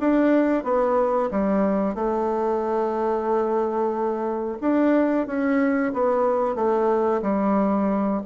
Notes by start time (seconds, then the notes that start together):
0.00 D4
0.64 B3
1.31 G3
1.95 A3
4.61 D4
5.27 C#4
5.93 B3
6.55 A3
7.22 G3